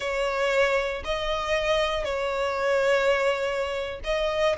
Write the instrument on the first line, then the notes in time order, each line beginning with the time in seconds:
violin
0.00 C#5
1.04 D#5
2.04 C#5
4.04 D#5